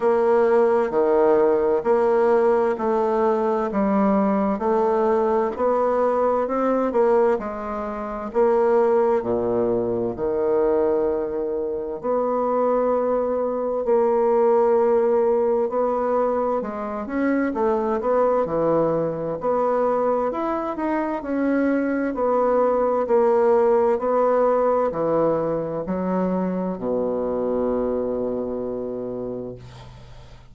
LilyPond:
\new Staff \with { instrumentName = "bassoon" } { \time 4/4 \tempo 4 = 65 ais4 dis4 ais4 a4 | g4 a4 b4 c'8 ais8 | gis4 ais4 ais,4 dis4~ | dis4 b2 ais4~ |
ais4 b4 gis8 cis'8 a8 b8 | e4 b4 e'8 dis'8 cis'4 | b4 ais4 b4 e4 | fis4 b,2. | }